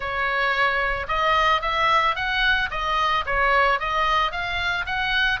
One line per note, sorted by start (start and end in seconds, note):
0.00 1.06 C#5
1.07 1.61 D#5
1.61 2.15 E5
2.15 2.69 F#5
2.70 3.24 D#5
3.26 3.79 C#5
3.79 4.31 D#5
4.31 4.85 F5
4.86 5.40 F#5